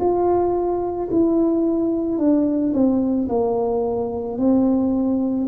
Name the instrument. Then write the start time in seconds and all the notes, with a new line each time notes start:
tuba
0.00 F4
1.11 E4
2.19 D4
2.74 C4
3.29 A#3
4.38 C4